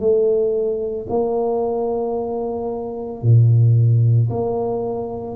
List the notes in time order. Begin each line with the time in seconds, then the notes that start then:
0.00 A3
1.10 A#3
3.23 A#2
4.31 A#3